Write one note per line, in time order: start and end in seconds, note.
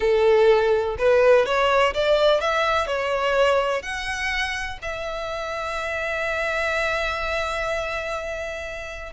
0.00 0.96 A4
0.98 1.45 B4
1.45 1.93 C#5
1.93 2.40 D5
2.40 2.86 E5
2.86 3.82 C#5
3.82 4.78 F#5
4.81 9.12 E5